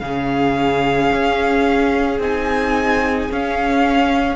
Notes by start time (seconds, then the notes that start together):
0.00 C#3 C#4 G#4 F5
1.12 C#4
2.19 C4 D#4 G#5
3.31 C#4 F5